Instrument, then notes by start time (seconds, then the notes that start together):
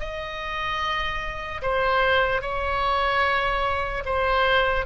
oboe
0.00 D#5
1.63 C5
2.42 C#5
4.06 C5